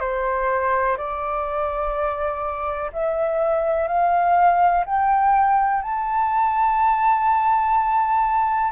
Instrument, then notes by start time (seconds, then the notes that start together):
flute
0.00 C5
0.97 D5
2.93 E5
3.88 F5
4.86 G5
5.82 A5